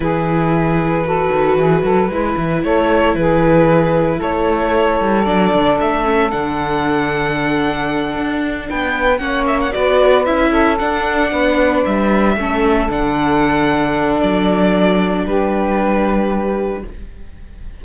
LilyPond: <<
  \new Staff \with { instrumentName = "violin" } { \time 4/4 \tempo 4 = 114 b'1~ | b'4 cis''4 b'2 | cis''2 d''4 e''4 | fis''1~ |
fis''8 g''4 fis''8 e''16 fis''16 d''4 e''8~ | e''8 fis''2 e''4.~ | e''8 fis''2~ fis''8 d''4~ | d''4 b'2. | }
  \new Staff \with { instrumentName = "saxophone" } { \time 4/4 gis'2 a'4 gis'8 a'8 | b'4 a'4 gis'2 | a'1~ | a'1~ |
a'8 b'4 cis''4 b'4. | a'4. b'2 a'8~ | a'1~ | a'4 g'2. | }
  \new Staff \with { instrumentName = "viola" } { \time 4/4 e'2 fis'2 | e'1~ | e'2 d'4. cis'8 | d'1~ |
d'4. cis'4 fis'4 e'8~ | e'8 d'2. cis'8~ | cis'8 d'2.~ d'8~ | d'1 | }
  \new Staff \with { instrumentName = "cello" } { \time 4/4 e2~ e8 dis8 e8 fis8 | gis8 e8 a4 e2 | a4. g8 fis8 d8 a4 | d2.~ d8 d'8~ |
d'8 b4 ais4 b4 cis'8~ | cis'8 d'4 b4 g4 a8~ | a8 d2~ d8 fis4~ | fis4 g2. | }
>>